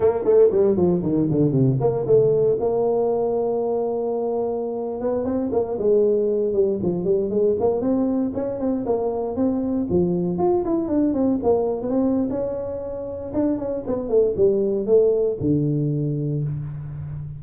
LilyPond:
\new Staff \with { instrumentName = "tuba" } { \time 4/4 \tempo 4 = 117 ais8 a8 g8 f8 dis8 d8 c8 ais8 | a4 ais2.~ | ais4.~ ais16 b8 c'8 ais8 gis8.~ | gis8. g8 f8 g8 gis8 ais8 c'8.~ |
c'16 cis'8 c'8 ais4 c'4 f8.~ | f16 f'8 e'8 d'8 c'8 ais8. b16 c'8. | cis'2 d'8 cis'8 b8 a8 | g4 a4 d2 | }